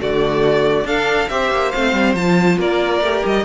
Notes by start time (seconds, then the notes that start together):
0.00 D3 A3 F#4 D5
0.84 D4 A4 F5
1.28 C4 G4 C5 E5
1.51 A#3
1.71 A3 C4 F5
1.93 G3
2.14 F3 F4 A5
2.57 A#3 A#4 D5
3.01 A3 G4
3.25 G3 D#5